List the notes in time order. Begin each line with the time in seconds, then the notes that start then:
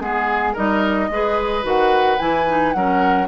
0.00 G#3 B3 G#4
0.53 G3 D#4 A#4 D#5
1.10 G#3 G#4 B4
1.63 D#3 F#4 F#5
2.19 E3 E4 G#5
2.48 D#4
2.73 F#3 C#4 A#4 F#5